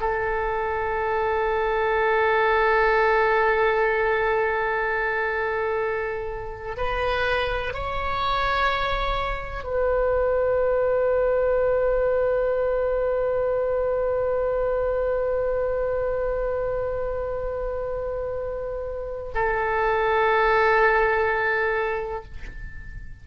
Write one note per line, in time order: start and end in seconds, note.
0.00 6.77 A4
6.77 7.73 B4
7.73 9.63 C#5
9.63 19.31 B4
19.34 22.24 A4